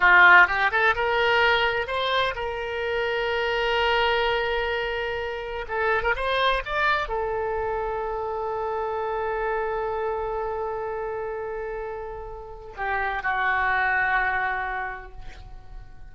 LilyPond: \new Staff \with { instrumentName = "oboe" } { \time 4/4 \tempo 4 = 127 f'4 g'8 a'8 ais'2 | c''4 ais'2.~ | ais'1 | a'8. ais'16 c''4 d''4 a'4~ |
a'1~ | a'1~ | a'2. g'4 | fis'1 | }